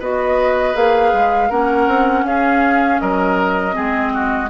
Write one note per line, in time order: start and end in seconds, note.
0.00 0.75 B3
0.00 0.75 F#4
0.00 1.50 B4
0.00 0.77 D#5
0.75 1.13 A#3
0.75 1.50 G#4
0.75 1.52 F5
1.13 1.51 G#3
1.50 1.88 A#3
1.50 3.73 C#4
1.50 2.25 A#4
1.50 2.26 F#5
1.88 2.24 C4
2.24 2.99 C#4
2.24 3.02 G#4
2.24 3.00 F5
3.00 3.77 F#3
3.00 3.75 A#4
3.00 4.50 D#5
3.73 4.50 G#3
3.73 4.48 C4
3.73 4.13 G#4
4.14 4.50 F#4